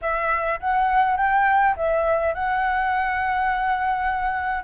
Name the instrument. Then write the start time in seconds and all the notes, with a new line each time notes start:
flute
0.01 E5
0.60 F#5
1.17 G5
1.76 E5
2.34 F#5